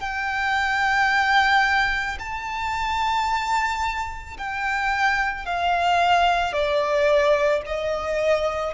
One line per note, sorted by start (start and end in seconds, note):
0.00 2.18 G5
2.19 4.37 A5
4.37 5.45 G5
5.45 6.53 F5
6.53 7.62 D5
7.66 8.74 D#5